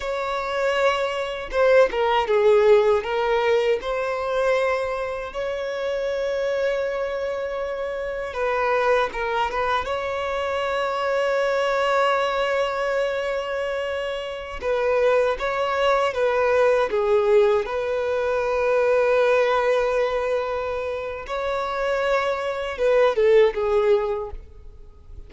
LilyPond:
\new Staff \with { instrumentName = "violin" } { \time 4/4 \tempo 4 = 79 cis''2 c''8 ais'8 gis'4 | ais'4 c''2 cis''4~ | cis''2. b'4 | ais'8 b'8 cis''2.~ |
cis''2.~ cis''16 b'8.~ | b'16 cis''4 b'4 gis'4 b'8.~ | b'1 | cis''2 b'8 a'8 gis'4 | }